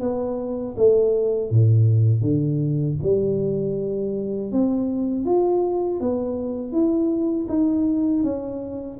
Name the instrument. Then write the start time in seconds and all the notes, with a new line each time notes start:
tuba
0.00 B3
0.77 A3
1.50 A2
2.21 D3
3.02 G3
4.52 C4
5.25 F4
6.00 B3
6.72 E4
7.48 D#4
8.23 C#4